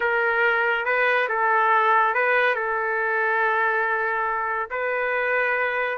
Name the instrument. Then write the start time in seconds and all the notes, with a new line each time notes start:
trumpet
0.00 A#4
0.85 B4
1.28 A4
2.14 B4
2.55 A4
4.70 B4